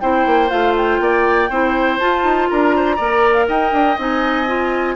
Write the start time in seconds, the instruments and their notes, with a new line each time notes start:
0.00 bassoon C4, clarinet E4, oboe C5, flute G5
0.25 bassoon A#3
0.49 bassoon A3, clarinet F4, flute F5
0.76 flute G5
0.99 bassoon A#3, oboe D5
1.49 bassoon C4, clarinet E4, oboe C5
1.99 clarinet F4, bassoon F4, flute A5
2.23 bassoon D#4
2.49 bassoon D4, oboe A#4, flute A#5
2.75 oboe C5
2.95 bassoon A#3, clarinet A#4, oboe D5
3.33 flute F5
3.48 bassoon D#4, oboe D#5, flute G5
3.72 bassoon D4
3.98 bassoon C4, clarinet D#4, flute G#5
4.47 clarinet F4